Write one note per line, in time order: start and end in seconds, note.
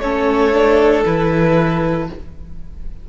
0.00 1.03 A3
0.00 0.53 C#4
0.00 2.09 A4
0.00 1.04 C#5
0.53 1.05 D4
1.05 2.09 E3
1.05 2.09 E4
1.05 2.09 B4